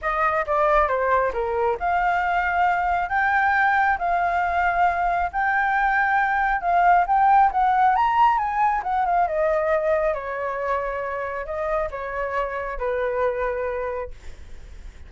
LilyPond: \new Staff \with { instrumentName = "flute" } { \time 4/4 \tempo 4 = 136 dis''4 d''4 c''4 ais'4 | f''2. g''4~ | g''4 f''2. | g''2. f''4 |
g''4 fis''4 ais''4 gis''4 | fis''8 f''8 dis''2 cis''4~ | cis''2 dis''4 cis''4~ | cis''4 b'2. | }